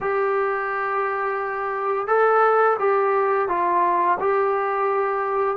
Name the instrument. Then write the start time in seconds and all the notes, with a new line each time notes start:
trombone
0.00 G4
2.07 A4
2.79 G4
3.48 F4
4.20 G4